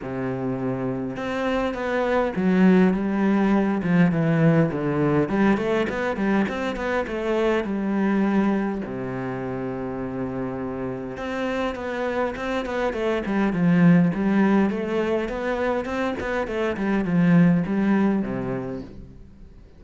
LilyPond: \new Staff \with { instrumentName = "cello" } { \time 4/4 \tempo 4 = 102 c2 c'4 b4 | fis4 g4. f8 e4 | d4 g8 a8 b8 g8 c'8 b8 | a4 g2 c4~ |
c2. c'4 | b4 c'8 b8 a8 g8 f4 | g4 a4 b4 c'8 b8 | a8 g8 f4 g4 c4 | }